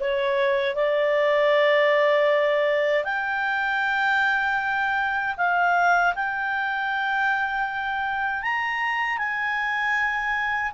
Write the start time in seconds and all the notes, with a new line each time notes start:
0.00 C#5
0.75 D5
3.04 G5
5.37 F5
6.15 G5
8.42 A#5
9.18 G#5